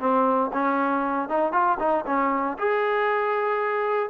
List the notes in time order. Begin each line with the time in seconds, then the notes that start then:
0.00 C4
0.54 C#4
1.29 D#4
1.53 F4
1.80 D#4
2.07 C#4
2.59 G#4